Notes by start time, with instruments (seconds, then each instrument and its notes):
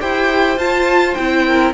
0.00 cello E4, viola G4, violin C5 G5
0.58 viola F4, cello F4, violin A5
1.15 cello C4, viola E4, violin G5
1.47 violin A#4